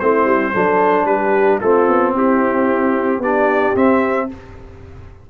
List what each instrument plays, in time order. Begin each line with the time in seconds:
0.00 tuba A3, trombone C4, horn E4, trumpet C5
0.25 tuba G3
0.53 tuba F#3, trombone D4, horn A4
1.05 tuba G3, horn G4, trumpet B4
1.61 tuba A3, trombone C4, horn F4, trumpet A4
1.88 tuba B3
2.14 tuba C4, horn E4, trumpet G4
3.19 tuba B3, trombone D4, horn G4, trumpet D5
3.76 trombone C4, tuba C4, trumpet E5